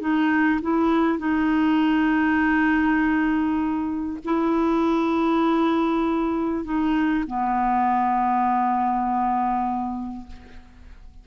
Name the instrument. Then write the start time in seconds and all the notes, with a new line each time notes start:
clarinet
0.00 D#4
0.62 E4
1.19 D#4
4.25 E4
6.65 D#4
7.27 B3